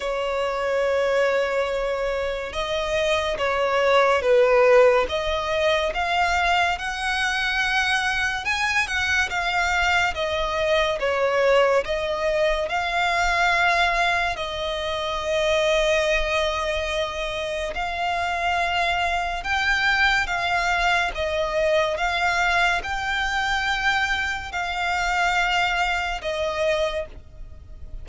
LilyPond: \new Staff \with { instrumentName = "violin" } { \time 4/4 \tempo 4 = 71 cis''2. dis''4 | cis''4 b'4 dis''4 f''4 | fis''2 gis''8 fis''8 f''4 | dis''4 cis''4 dis''4 f''4~ |
f''4 dis''2.~ | dis''4 f''2 g''4 | f''4 dis''4 f''4 g''4~ | g''4 f''2 dis''4 | }